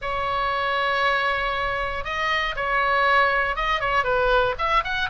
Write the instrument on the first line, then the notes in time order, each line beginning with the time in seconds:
oboe
0.01 C#5
2.04 D#5
2.55 C#5
3.55 D#5
3.80 C#5
4.04 B4
4.58 E5
4.84 F#5